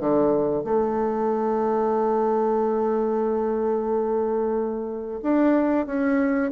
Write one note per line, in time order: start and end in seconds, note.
0.00 0.64 D3
0.64 5.20 A3
5.23 5.86 D4
5.86 6.51 C#4